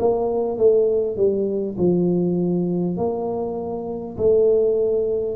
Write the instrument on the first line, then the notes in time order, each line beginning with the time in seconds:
tuba
0.00 A#3
0.58 A3
1.17 G3
1.78 F3
2.98 A#3
4.18 A3